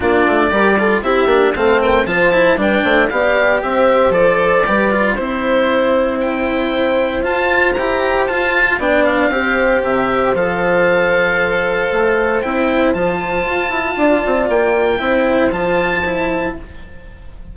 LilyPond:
<<
  \new Staff \with { instrumentName = "oboe" } { \time 4/4 \tempo 4 = 116 d''2 e''4 f''8 g''8 | a''4 g''4 f''4 e''4 | d''2 c''2 | g''2 a''4 ais''4 |
a''4 g''8 f''4. e''4 | f''1 | g''4 a''2. | g''2 a''2 | }
  \new Staff \with { instrumentName = "horn" } { \time 4/4 f'4 ais'8 a'8 g'4 a'8 ais'8 | c''4 b'8 c''8 d''4 c''4~ | c''4 b'4 c''2~ | c''1~ |
c''4 d''4 c''2~ | c''1~ | c''2. d''4~ | d''4 c''2. | }
  \new Staff \with { instrumentName = "cello" } { \time 4/4 d'4 g'8 f'8 e'8 d'8 c'4 | f'8 e'8 d'4 g'2 | a'4 g'8 f'8 e'2~ | e'2 f'4 g'4 |
f'4 d'4 g'2 | a'1 | e'4 f'2.~ | f'4 e'4 f'4 e'4 | }
  \new Staff \with { instrumentName = "bassoon" } { \time 4/4 ais8 a8 g4 c'8 ais8 a4 | f4 g8 a8 b4 c'4 | f4 g4 c'2~ | c'2 f'4 e'4 |
f'4 b4 c'4 c4 | f2. a4 | c'4 f4 f'8 e'8 d'8 c'8 | ais4 c'4 f2 | }
>>